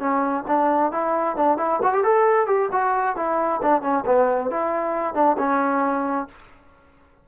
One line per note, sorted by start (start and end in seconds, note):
0.00 0.45 C#4
0.48 0.92 D4
0.92 1.37 E4
1.37 1.58 D4
1.58 1.80 E4
1.83 1.94 F#4
1.94 2.04 G4
2.04 2.47 A4
2.47 2.69 G4
2.73 3.17 F#4
3.17 3.61 E4
3.63 3.82 D4
3.82 4.05 C#4
4.06 4.51 B3
4.51 5.15 E4
5.15 5.37 D4
5.39 6.28 C#4